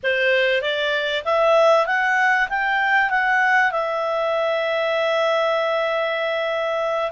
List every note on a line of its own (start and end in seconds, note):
0.03 0.61 C5
0.61 1.23 D5
1.24 1.86 E5
1.86 2.48 F#5
2.49 3.10 G5
3.10 3.71 F#5
3.71 7.11 E5